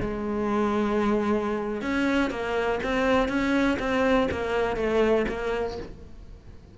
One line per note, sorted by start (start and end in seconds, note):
0.00 1.81 G#3
1.81 2.30 C#4
2.30 2.79 A#3
2.83 3.28 C4
3.28 3.77 C#4
3.79 4.28 C4
4.31 4.76 A#3
4.76 5.25 A3
5.28 5.77 A#3